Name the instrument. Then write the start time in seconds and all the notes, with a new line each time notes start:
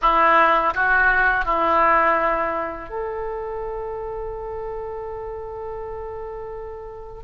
oboe
0.01 E4
0.74 F#4
1.45 E4
2.89 A4